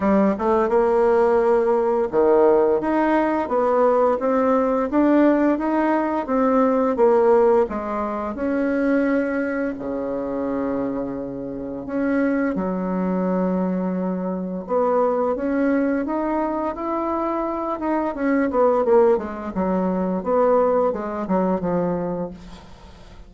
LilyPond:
\new Staff \with { instrumentName = "bassoon" } { \time 4/4 \tempo 4 = 86 g8 a8 ais2 dis4 | dis'4 b4 c'4 d'4 | dis'4 c'4 ais4 gis4 | cis'2 cis2~ |
cis4 cis'4 fis2~ | fis4 b4 cis'4 dis'4 | e'4. dis'8 cis'8 b8 ais8 gis8 | fis4 b4 gis8 fis8 f4 | }